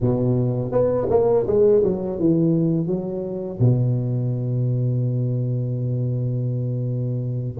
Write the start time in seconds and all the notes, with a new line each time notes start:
0.00 B2
0.71 B3
1.09 A#3
1.46 G#3
1.83 F#3
2.19 E3
2.87 F#3
3.59 B2